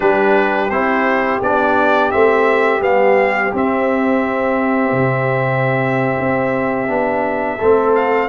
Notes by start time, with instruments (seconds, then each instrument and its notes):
0.00 tuba G3, trombone D4, horn G4, trumpet B4
0.69 tuba C4, trombone E4, trumpet C5
1.42 tuba B3, trombone D4, trumpet D5
2.11 tuba A3, trombone C4, trumpet E5
2.80 tuba G3, trombone B3, trumpet F5
3.53 tuba C4, trombone C4, trumpet E5
4.92 tuba C3
6.19 tuba C4
6.87 tuba B3, trombone D4
7.57 tuba A3, trombone C4, horn A4
7.95 trumpet F5